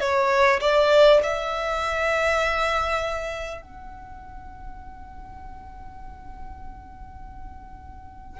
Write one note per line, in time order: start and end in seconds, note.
0.00 0.60 C#5
0.61 1.21 D5
1.23 3.61 E5
3.61 8.40 F#5